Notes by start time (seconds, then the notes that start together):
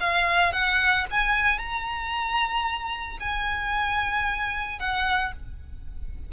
0.00 F5
0.52 F#5
1.11 G#5
1.58 A#5
3.20 G#5
4.79 F#5